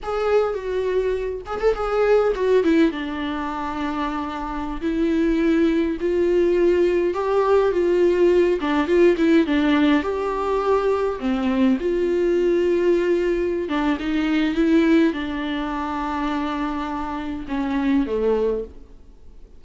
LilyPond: \new Staff \with { instrumentName = "viola" } { \time 4/4 \tempo 4 = 103 gis'4 fis'4. gis'16 a'16 gis'4 | fis'8 e'8 d'2.~ | d'16 e'2 f'4.~ f'16~ | f'16 g'4 f'4. d'8 f'8 e'16~ |
e'16 d'4 g'2 c'8.~ | c'16 f'2.~ f'16 d'8 | dis'4 e'4 d'2~ | d'2 cis'4 a4 | }